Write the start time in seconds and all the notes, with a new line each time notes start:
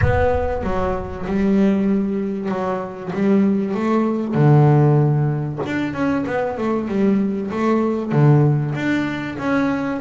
0.01 B3
0.62 F#3
1.26 G3
2.48 F#3
3.13 G3
3.74 A3
4.34 D3
5.66 D4
5.93 C#4
6.26 B3
6.57 A3
6.88 G3
7.50 A3
8.11 D3
8.74 D4
9.38 C#4